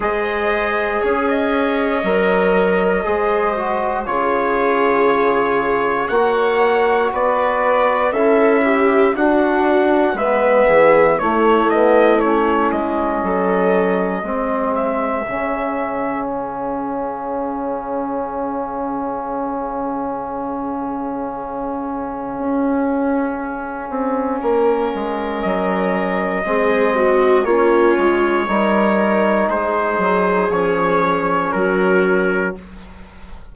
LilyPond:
<<
  \new Staff \with { instrumentName = "trumpet" } { \time 4/4 \tempo 4 = 59 dis''4 gis'16 dis''2~ dis''8. | cis''2 fis''4 d''4 | e''4 fis''4 e''4 cis''8 dis''8 | cis''8 dis''2 e''4. |
f''1~ | f''1~ | f''4 dis''2 cis''4~ | cis''4 c''4 cis''4 ais'4 | }
  \new Staff \with { instrumentName = "viola" } { \time 4/4 c''4 cis''2 c''4 | gis'2 cis''4 b'4 | a'8 g'8 fis'4 b'8 gis'8 e'4~ | e'4 a'4 gis'2~ |
gis'1~ | gis'1 | ais'2 gis'8 fis'8 f'4 | ais'4 gis'2 fis'4 | }
  \new Staff \with { instrumentName = "trombone" } { \time 4/4 gis'2 ais'4 gis'8 fis'8 | f'2 fis'2 | e'4 d'4 b4 a8 b8 | cis'2 c'4 cis'4~ |
cis'1~ | cis'1~ | cis'2 c'4 cis'4 | dis'2 cis'2 | }
  \new Staff \with { instrumentName = "bassoon" } { \time 4/4 gis4 cis'4 fis4 gis4 | cis2 ais4 b4 | cis'4 d'4 gis8 e8 a4~ | a8 gis8 fis4 gis4 cis4~ |
cis1~ | cis2 cis'4. c'8 | ais8 gis8 fis4 gis4 ais8 gis8 | g4 gis8 fis8 f4 fis4 | }
>>